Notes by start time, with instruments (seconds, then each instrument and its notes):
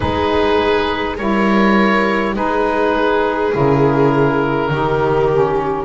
0.00 double bass G#3, saxophone D#4, viola G#4, oboe B4
1.16 double bass G3, saxophone E4, viola A#4, oboe C#5
2.35 double bass G#3, saxophone D#4, viola G#4, oboe B4
3.51 double bass C#3, saxophone E4, oboe A#4
4.69 double bass D#3, saxophone D#4, viola G4
5.31 saxophone C#4